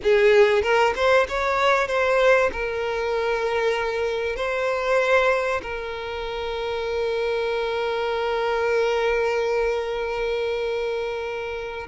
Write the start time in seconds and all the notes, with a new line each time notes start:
0.02 G#4
0.62 A#4
0.95 C5
1.28 C#5
1.88 C5
2.52 A#4
4.36 C5
5.62 A#4